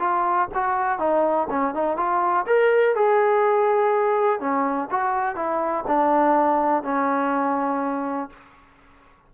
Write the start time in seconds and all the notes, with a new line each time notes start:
0.00 F4
0.55 F#4
0.99 D#4
1.50 C#4
1.75 D#4
1.97 F4
2.47 A#4
2.96 G#4
4.40 C#4
4.91 F#4
5.36 E4
5.88 D4
6.84 C#4